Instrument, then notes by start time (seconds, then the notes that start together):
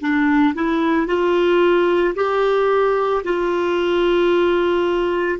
clarinet
0.00 D4
0.55 E4
1.07 F4
2.15 G4
3.24 F4